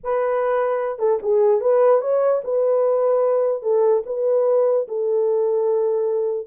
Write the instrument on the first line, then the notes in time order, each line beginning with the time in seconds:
horn
0.03 B4
0.99 A4
1.22 G#4
1.60 B4
2.01 C#5
2.43 B4
3.62 A4
4.06 B4
4.87 A4